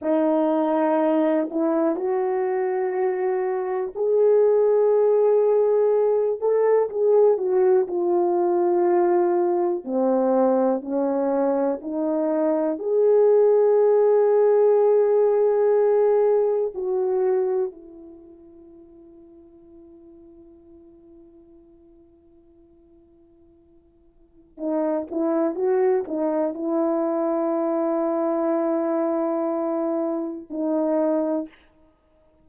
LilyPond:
\new Staff \with { instrumentName = "horn" } { \time 4/4 \tempo 4 = 61 dis'4. e'8 fis'2 | gis'2~ gis'8 a'8 gis'8 fis'8 | f'2 c'4 cis'4 | dis'4 gis'2.~ |
gis'4 fis'4 e'2~ | e'1~ | e'4 dis'8 e'8 fis'8 dis'8 e'4~ | e'2. dis'4 | }